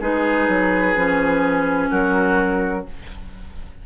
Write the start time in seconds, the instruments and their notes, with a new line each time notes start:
0.00 bassoon G#3, clarinet D#4, oboe G#4, flute B4
0.48 bassoon F#3
0.95 bassoon F3, clarinet C#4
1.90 bassoon F#3, oboe F#4, flute A#4